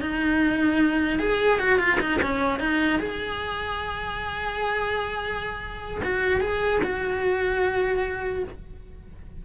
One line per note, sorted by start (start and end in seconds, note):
0.00 1.19 D#4
1.19 1.59 G#4
1.59 1.78 F#4
1.78 1.98 F4
2.00 2.20 D#4
2.21 2.59 C#4
2.59 2.99 D#4
2.99 6.01 G#4
6.03 6.40 F#4
6.40 6.81 G#4
6.83 8.44 F#4